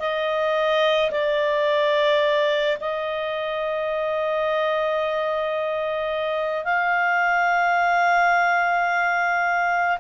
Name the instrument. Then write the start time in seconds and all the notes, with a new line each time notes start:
clarinet
0.00 D#5
1.12 D5
2.81 D#5
6.65 F5